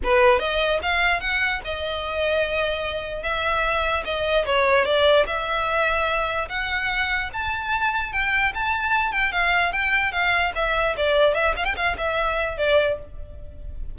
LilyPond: \new Staff \with { instrumentName = "violin" } { \time 4/4 \tempo 4 = 148 b'4 dis''4 f''4 fis''4 | dis''1 | e''2 dis''4 cis''4 | d''4 e''2. |
fis''2 a''2 | g''4 a''4. g''8 f''4 | g''4 f''4 e''4 d''4 | e''8 f''16 g''16 f''8 e''4. d''4 | }